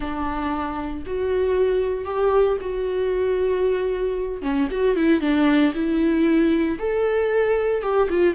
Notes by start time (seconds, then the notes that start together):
0.00 D4
1.06 F#4
2.05 G4
2.60 F#4
4.42 C#4
4.71 F#4
4.96 E4
5.21 D4
5.74 E4
6.78 A4
7.82 G4
8.10 F4